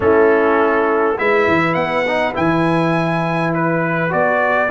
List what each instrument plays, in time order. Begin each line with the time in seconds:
0.00 tuba A3, trombone C#4, horn E4, trumpet A4
1.18 tuba G#3, trombone E4, horn B4, trumpet E5
1.47 tuba E3
1.74 tuba B3, trumpet F#5
2.07 trombone D#4
2.33 tuba E3, trombone E4, trumpet G#5
3.54 trumpet B4
4.09 tuba B3, trombone F#4, trumpet D5